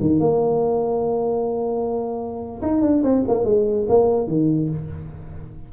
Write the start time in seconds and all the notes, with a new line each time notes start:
0.00 D#3
0.20 A#3
2.61 D#4
2.81 D4
3.03 C4
3.27 A#3
3.44 G#3
3.88 A#3
4.27 D#3